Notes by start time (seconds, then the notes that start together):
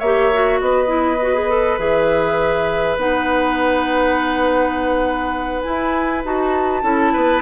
0.00 A#3 G4 C#5 E5
0.33 F#4
0.61 B3 B4 D#5
0.87 E4
1.22 F#4
1.35 G#4
1.50 A4
1.79 E3 G#4 E5
2.97 B3 D#4 F#5
5.63 E4 G#5
6.24 D#4 F#4 A5
6.83 C#4 E4 A4
7.14 B3 B4